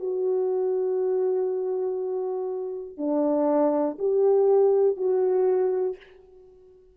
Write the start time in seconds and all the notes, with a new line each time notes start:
0.00 F#4
2.98 D4
3.99 G4
4.97 F#4